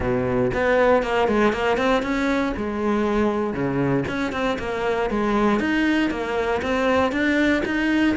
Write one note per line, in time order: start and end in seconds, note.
0.00 0.51 B2
0.54 1.03 B3
1.03 1.28 A#3
1.28 1.52 G#3
1.52 1.77 A#3
1.77 2.02 C4
2.02 2.53 C#4
2.56 3.53 G#3
3.53 4.04 C#3
4.07 4.32 C#4
4.32 4.57 C4
4.59 5.09 A#3
5.09 5.59 G#3
5.59 6.10 D#4
6.10 6.61 A#3
6.62 7.12 C4
7.12 7.62 D4
7.65 8.16 D#4